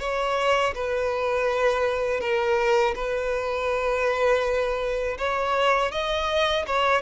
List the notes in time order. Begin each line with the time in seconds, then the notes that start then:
0.00 C#5
0.75 B4
2.21 A#4
2.96 B4
5.19 C#5
5.92 D#5
6.67 C#5